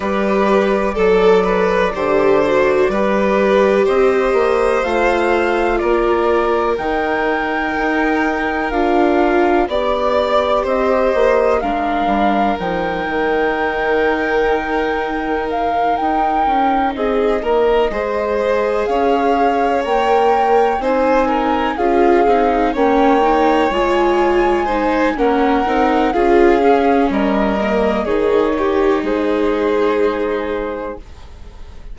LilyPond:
<<
  \new Staff \with { instrumentName = "flute" } { \time 4/4 \tempo 4 = 62 d''1 | dis''4 f''4 d''4 g''4~ | g''4 f''4 d''4 dis''4 | f''4 g''2. |
f''8 g''4 dis''2 f''8~ | f''8 g''4 gis''4 f''4 g''8~ | g''8 gis''4. fis''4 f''4 | dis''4 cis''4 c''2 | }
  \new Staff \with { instrumentName = "violin" } { \time 4/4 b'4 a'8 b'8 c''4 b'4 | c''2 ais'2~ | ais'2 d''4 c''4 | ais'1~ |
ais'4. gis'8 ais'8 c''4 cis''8~ | cis''4. c''8 ais'8 gis'4 cis''8~ | cis''4. c''8 ais'4 gis'4 | ais'4 gis'8 g'8 gis'2 | }
  \new Staff \with { instrumentName = "viola" } { \time 4/4 g'4 a'4 g'8 fis'8 g'4~ | g'4 f'2 dis'4~ | dis'4 f'4 g'2 | d'4 dis'2.~ |
dis'2~ dis'8 gis'4.~ | gis'8 ais'4 dis'4 f'8 dis'8 cis'8 | dis'8 f'4 dis'8 cis'8 dis'8 f'8 cis'8~ | cis'8 ais8 dis'2. | }
  \new Staff \with { instrumentName = "bassoon" } { \time 4/4 g4 fis4 d4 g4 | c'8 ais8 a4 ais4 dis4 | dis'4 d'4 b4 c'8 ais8 | gis8 g8 f8 dis2~ dis8~ |
dis8 dis'8 cis'8 c'8 ais8 gis4 cis'8~ | cis'8 ais4 c'4 cis'8 c'8 ais8~ | ais8 gis4. ais8 c'8 cis'4 | g4 dis4 gis2 | }
>>